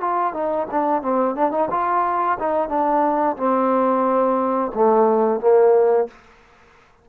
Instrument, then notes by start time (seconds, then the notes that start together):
trombone
0.00 F4
0.33 D#4
0.70 D4
1.02 C4
1.35 D4
1.51 D#4
1.70 F4
2.39 D#4
2.68 D4
3.36 C4
4.74 A3
5.40 A#3